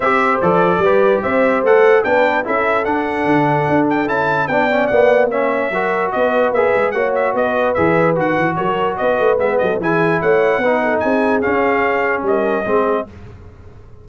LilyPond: <<
  \new Staff \with { instrumentName = "trumpet" } { \time 4/4 \tempo 4 = 147 e''4 d''2 e''4 | fis''4 g''4 e''4 fis''4~ | fis''4. g''8 a''4 g''4 | fis''4 e''2 dis''4 |
e''4 fis''8 e''8 dis''4 e''4 | fis''4 cis''4 dis''4 e''8 dis''8 | gis''4 fis''2 gis''4 | f''2 dis''2 | }
  \new Staff \with { instrumentName = "horn" } { \time 4/4 c''2 b'4 c''4~ | c''4 b'4 a'2~ | a'2. d''4~ | d''4 cis''4 ais'4 b'4~ |
b'4 cis''4 b'2~ | b'4 ais'4 b'4. a'8 | gis'4 cis''4 b'8 a'8 gis'4~ | gis'2 ais'4 gis'4 | }
  \new Staff \with { instrumentName = "trombone" } { \time 4/4 g'4 a'4 g'2 | a'4 d'4 e'4 d'4~ | d'2 e'4 d'8 cis'8 | b4 cis'4 fis'2 |
gis'4 fis'2 gis'4 | fis'2. b4 | e'2 dis'2 | cis'2. c'4 | }
  \new Staff \with { instrumentName = "tuba" } { \time 4/4 c'4 f4 g4 c'4 | a4 b4 cis'4 d'4 | d4 d'4 cis'4 b4 | ais2 fis4 b4 |
ais8 gis8 ais4 b4 e4 | dis8 e8 fis4 b8 a8 gis8 fis8 | e4 a4 b4 c'4 | cis'2 g4 gis4 | }
>>